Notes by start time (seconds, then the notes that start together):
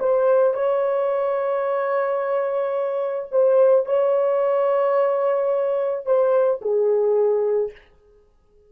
0.00 C5
0.54 C#5
3.32 C5
3.86 C#5
6.06 C5
6.62 G#4